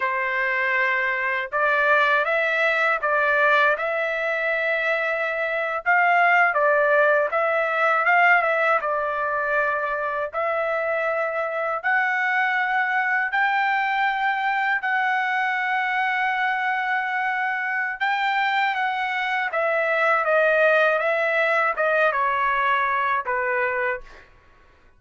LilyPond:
\new Staff \with { instrumentName = "trumpet" } { \time 4/4 \tempo 4 = 80 c''2 d''4 e''4 | d''4 e''2~ e''8. f''16~ | f''8. d''4 e''4 f''8 e''8 d''16~ | d''4.~ d''16 e''2 fis''16~ |
fis''4.~ fis''16 g''2 fis''16~ | fis''1 | g''4 fis''4 e''4 dis''4 | e''4 dis''8 cis''4. b'4 | }